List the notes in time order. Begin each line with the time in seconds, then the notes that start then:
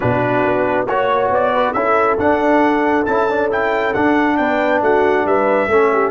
0.00 B2 D4 F#4 B4
0.44 B3
0.87 A#3 F#4 C#5
1.29 B3 D5
1.53 B4
1.73 C#4 E4 A4 E5
2.18 D4 F#5
3.05 C#4 E4 A5
3.29 D4
3.50 E4 G5
3.93 D4 F#5
4.37 B3 B4 G5
4.81 A3 F#4 F#5
5.25 G3 B4 E5
5.67 A3 C#4 A4
5.92 G4